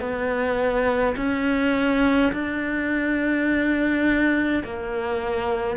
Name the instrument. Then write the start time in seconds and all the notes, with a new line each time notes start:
cello
0.00 B3
1.16 C#4
2.32 D4
4.64 A#3